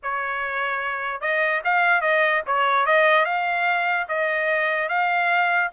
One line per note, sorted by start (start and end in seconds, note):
0.02 1.20 C#5
1.20 1.61 D#5
1.64 2.01 F5
2.01 2.42 D#5
2.46 2.86 C#5
2.86 3.25 D#5
3.25 4.07 F5
4.08 4.88 D#5
4.88 5.70 F5